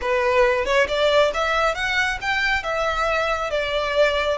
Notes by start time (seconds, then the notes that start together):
0.01 B4
0.65 C#5
0.87 D5
1.34 E5
1.74 F#5
2.21 G5
2.63 E5
3.50 D5